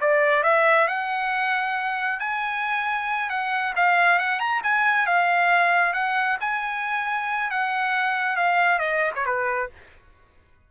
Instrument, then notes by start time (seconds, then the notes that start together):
trumpet
0.00 D5
0.43 E5
0.87 F#5
2.19 G#5
3.29 F#5
3.76 F5
4.18 F#5
4.39 A#5
4.63 G#5
5.06 F5
5.93 F#5
6.40 G#5
7.50 F#5
8.36 F5
8.78 D#5
9.15 C#5
9.25 B4